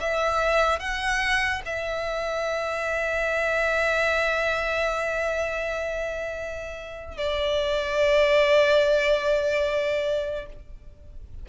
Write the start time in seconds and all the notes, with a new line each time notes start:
0.00 E5
0.79 F#5
1.65 E5
7.17 D5